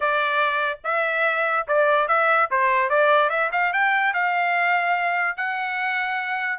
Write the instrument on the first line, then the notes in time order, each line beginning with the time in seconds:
trumpet
0.00 D5
0.84 E5
1.67 D5
2.08 E5
2.50 C5
2.89 D5
3.29 E5
3.52 F5
3.72 G5
4.13 F5
5.37 F#5